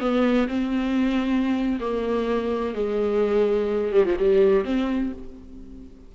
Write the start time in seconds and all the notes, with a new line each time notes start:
0.00 B3
0.48 C4
1.80 A#3
2.74 G#3
3.93 G3
4.05 F3
4.19 G3
4.65 C4